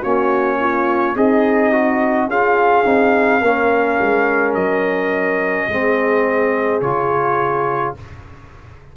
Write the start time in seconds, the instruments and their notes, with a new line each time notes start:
0.00 tuba A#3, trombone C#4, horn F#4, trumpet C#5
0.60 horn F4
1.15 tuba C4, horn D#4, trombone G#4, trumpet D#5
1.72 trombone F#4
2.27 tuba C#4, trombone F4, horn G#4, trumpet F5
2.85 tuba C4, trombone D#4
3.41 tuba A#3, trombone C#4, horn A#4
4.01 tuba G#3
4.54 tuba F#3, trumpet D#5
5.68 tuba G#3, trombone C4, horn G#4
6.81 tuba C#3, trombone F4, trumpet C#5